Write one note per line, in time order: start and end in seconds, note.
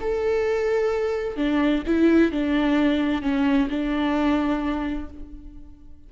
0.00 1.36 A4
1.36 1.83 D4
1.86 2.31 E4
2.31 3.22 D4
3.22 3.68 C#4
3.69 5.09 D4